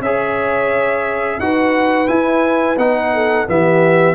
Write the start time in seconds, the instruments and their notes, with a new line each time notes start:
0.00 tuba C#4, trombone G#4, horn C#5, trumpet E5
1.38 tuba D#4, trombone F#4, horn B4, trumpet F#5
2.07 trombone E4, tuba E4, trumpet G#5
2.77 tuba B3, trombone D#4, trumpet F#5
3.13 horn A4
3.47 tuba E3, trombone B3, horn G4, trumpet E5